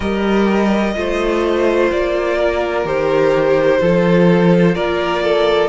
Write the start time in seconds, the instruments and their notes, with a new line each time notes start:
0.00 cello G3, viola G4, violin A#4 D#5
0.95 cello A3, viola F4, violin C5
1.91 cello A#3, violin D5
2.37 violin A#4
2.85 cello D#3, viola G4, violin C5
3.80 cello F3, viola F4, violin A4
4.74 cello A#3, violin A#4 D5
5.23 violin A4